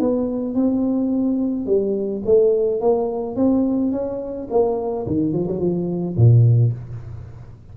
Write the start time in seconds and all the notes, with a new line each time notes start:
0.00 B3
0.55 C4
1.66 G3
2.26 A3
2.81 A#3
3.36 C4
3.92 C#4
4.50 A#3
5.07 D#3
5.33 F3
5.48 F#3
5.60 F3
6.17 A#2